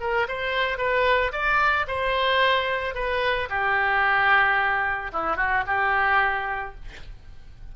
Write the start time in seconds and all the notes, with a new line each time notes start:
0.00 A#4
0.28 C5
0.78 B4
1.32 D5
1.87 C5
2.95 B4
3.49 G4
5.12 E4
5.37 F#4
5.67 G4